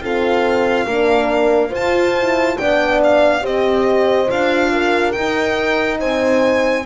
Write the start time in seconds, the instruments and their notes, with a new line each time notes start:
0.00 horn C4 A4, double bass F4, violin F5
0.85 double bass A#3, horn D4 A#4
1.69 horn F4 C5, double bass F4, violin A5
2.19 horn E4
2.56 double bass B3, horn D4 D5, violin G5
3.03 violin F5
3.41 double bass C4, horn G4 C5, violin D#5
4.28 double bass D4, horn F4, violin F5
4.71 horn A#4
5.12 horn D#4, double bass D#4, violin G5
5.99 double bass C4, horn C5, violin G#5